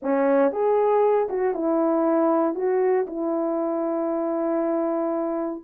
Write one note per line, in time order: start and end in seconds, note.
0.02 0.51 C#4
0.51 1.28 G#4
1.29 1.53 F#4
1.53 2.55 E4
2.55 3.06 F#4
3.06 5.63 E4